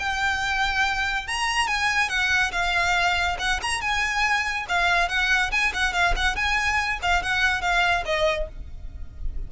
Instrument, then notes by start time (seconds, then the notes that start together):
violin
0.00 G5
1.28 A#5
1.68 G#5
2.09 F#5
2.52 F5
3.39 F#5
3.63 A#5
3.82 G#5
4.69 F5
5.09 F#5
5.52 G#5
5.74 F#5
5.93 F5
6.17 F#5
6.36 G#5
7.03 F5
7.23 F#5
7.62 F5
8.06 D#5